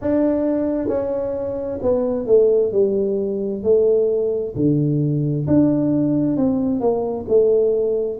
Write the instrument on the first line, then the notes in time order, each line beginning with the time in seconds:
tuba
0.01 D4
0.88 C#4
1.82 B3
2.26 A3
2.72 G3
3.63 A3
4.55 D3
5.47 D4
6.36 C4
6.80 A#3
7.28 A3